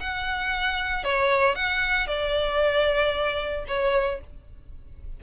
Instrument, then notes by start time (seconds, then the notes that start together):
violin
0.00 F#5
1.04 C#5
1.56 F#5
2.07 D5
3.68 C#5